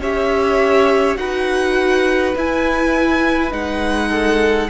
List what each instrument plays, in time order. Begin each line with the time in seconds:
0.00 cello C#4, viola G4, violin C#5 E5
1.17 cello D#4, viola F#4, violin B4 F#5
2.36 cello E4, viola E4, violin G#5
3.51 cello G#3, viola D#4, violin F#5
4.09 violin A4